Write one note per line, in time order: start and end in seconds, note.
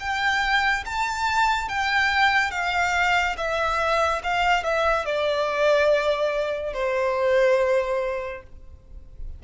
0.00 0.85 G5
0.86 1.69 A5
1.69 2.52 G5
2.52 3.36 F5
3.38 4.22 E5
4.24 4.64 F5
4.64 5.06 E5
5.06 6.74 D5
6.74 8.43 C5